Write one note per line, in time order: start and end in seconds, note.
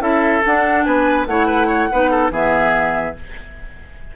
0.00 0.42 C#4
0.00 0.42 E4
0.00 0.86 A4
0.00 0.43 E5
0.46 1.29 D4
0.46 0.86 D4
0.46 0.84 F#5
0.84 1.27 B3
0.84 1.28 B4
0.84 1.26 G#5
1.27 1.89 A3
1.27 1.91 E4
1.27 1.47 C#5
1.27 2.31 F#5
1.47 1.67 B4
1.67 1.88 C#5
1.92 2.31 B3
1.92 2.32 D#4
1.92 2.11 B4
2.11 2.32 A4
2.31 3.14 E3
2.31 3.16 B3
2.31 3.16 G#4
2.31 3.17 E5